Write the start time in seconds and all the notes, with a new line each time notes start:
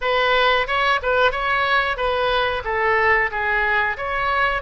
0.01 B4
0.67 C#5
1.02 B4
1.31 C#5
1.97 B4
2.64 A4
3.31 G#4
3.97 C#5